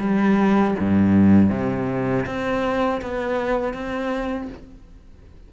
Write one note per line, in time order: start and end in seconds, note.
0.00 0.75 G3
0.80 1.50 G2
1.50 2.25 C3
2.26 3.01 C4
3.02 3.74 B3
3.74 4.49 C4